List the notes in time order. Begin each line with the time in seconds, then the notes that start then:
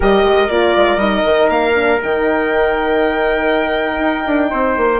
0.00 G3 G4 A#4 D#5
0.24 G#3
0.49 A#3 F4 D5
0.76 G#3
0.97 G3 D#4 D#5
1.24 D#3
1.49 A#3 F5
1.75 D4
2.02 D#3 D#4 G5
3.98 D#4
4.26 D4
4.50 C4 C5
4.77 A#3